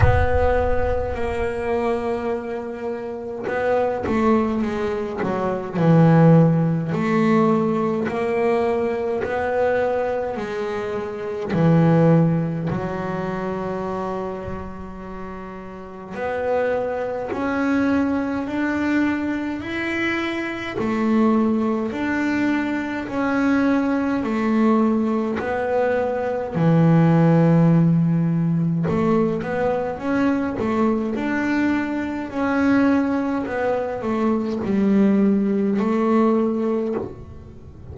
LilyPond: \new Staff \with { instrumentName = "double bass" } { \time 4/4 \tempo 4 = 52 b4 ais2 b8 a8 | gis8 fis8 e4 a4 ais4 | b4 gis4 e4 fis4~ | fis2 b4 cis'4 |
d'4 e'4 a4 d'4 | cis'4 a4 b4 e4~ | e4 a8 b8 cis'8 a8 d'4 | cis'4 b8 a8 g4 a4 | }